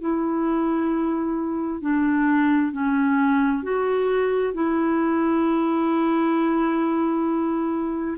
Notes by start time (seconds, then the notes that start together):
0.00 E4
1.81 D4
2.72 C#4
3.63 F#4
4.54 E4